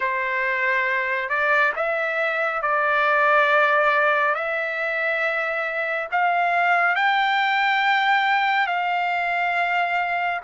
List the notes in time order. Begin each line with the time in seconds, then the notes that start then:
0.00 C5
1.29 D5
1.75 E5
2.62 D5
4.34 E5
6.11 F5
6.95 G5
8.66 F5